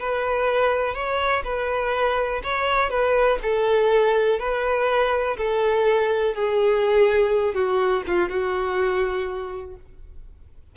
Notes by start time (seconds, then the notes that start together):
0.00 B4
0.95 C#5
1.45 B4
2.44 C#5
2.90 B4
3.43 A4
4.40 B4
5.37 A4
6.35 G#4
7.55 F#4
8.07 F4
8.29 F#4